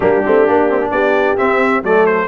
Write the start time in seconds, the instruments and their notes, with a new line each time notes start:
0.00 tuba G3, trombone A#3, horn D4, trumpet G4
0.25 tuba A3, trombone C4
0.47 tuba A#3, trombone D4
0.69 trombone C4
0.80 trombone D4
0.91 tuba B3, horn G4, trumpet D5
1.37 trombone C4, tuba C4, trumpet E5
1.82 tuba F#3, trombone A3, horn A4, trumpet D5
2.06 trumpet C5